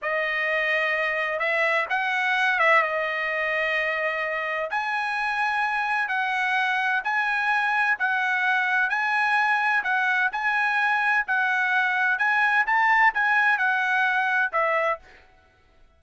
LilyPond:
\new Staff \with { instrumentName = "trumpet" } { \time 4/4 \tempo 4 = 128 dis''2. e''4 | fis''4. e''8 dis''2~ | dis''2 gis''2~ | gis''4 fis''2 gis''4~ |
gis''4 fis''2 gis''4~ | gis''4 fis''4 gis''2 | fis''2 gis''4 a''4 | gis''4 fis''2 e''4 | }